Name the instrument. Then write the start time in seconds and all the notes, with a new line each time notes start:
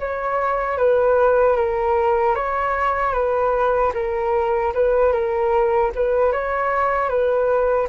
flute
0.00 C#5
0.78 B4
1.57 A#4
2.35 C#5
3.14 B4
3.94 A#4
4.74 B4
5.13 A#4
5.95 B4
6.33 C#5
7.09 B4